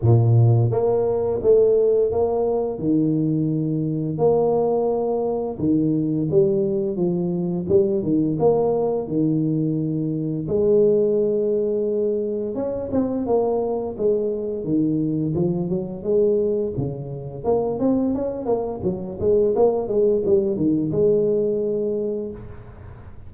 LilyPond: \new Staff \with { instrumentName = "tuba" } { \time 4/4 \tempo 4 = 86 ais,4 ais4 a4 ais4 | dis2 ais2 | dis4 g4 f4 g8 dis8 | ais4 dis2 gis4~ |
gis2 cis'8 c'8 ais4 | gis4 dis4 f8 fis8 gis4 | cis4 ais8 c'8 cis'8 ais8 fis8 gis8 | ais8 gis8 g8 dis8 gis2 | }